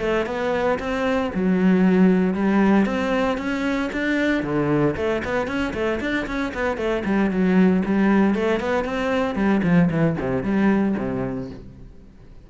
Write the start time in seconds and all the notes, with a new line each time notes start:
0.00 A3
0.26 B3
0.79 C4
1.34 F#3
2.34 G3
2.86 C4
3.37 C#4
3.92 D4
4.43 D3
4.96 A3
5.24 B3
5.47 C#4
5.73 A3
6.00 D4
6.27 C#4
6.54 B3
6.77 A3
7.05 G3
7.31 F#3
7.85 G3
8.35 A3
8.60 B3
8.84 C4
9.35 G3
9.63 F3
9.90 E3
10.20 C3
10.43 G3
10.98 C3